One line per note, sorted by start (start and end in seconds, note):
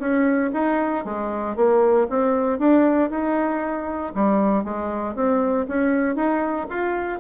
0.00 0.51 C#4
0.54 1.05 D#4
1.05 1.56 G#3
1.56 2.08 A#3
2.10 2.59 C4
2.59 3.10 D4
3.10 4.13 D#4
4.15 4.64 G3
4.64 5.15 G#3
5.15 5.67 C4
5.69 6.16 C#4
6.16 6.67 D#4
6.70 7.20 F4